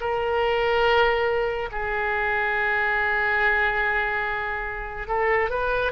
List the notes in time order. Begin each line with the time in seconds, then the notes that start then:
0.00 A#4
1.71 G#4
5.07 A4
5.50 B4